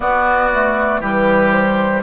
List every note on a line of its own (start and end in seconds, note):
0.00 0.50 B3
0.00 1.00 B3
0.00 1.00 F#4
0.00 1.01 D5
0.53 1.02 A3
1.00 2.01 E3
1.00 2.02 G3
1.00 2.02 G4
1.00 1.51 B4
1.51 2.02 C5